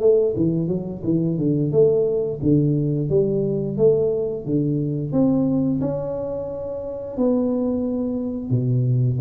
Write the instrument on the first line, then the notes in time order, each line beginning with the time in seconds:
tuba
0.00 A3
0.36 E3
0.68 F#3
1.03 E3
1.38 D3
1.71 A3
2.42 D3
3.09 G3
3.77 A3
4.45 D3
5.12 C4
5.80 C#4
7.17 B3
8.50 B2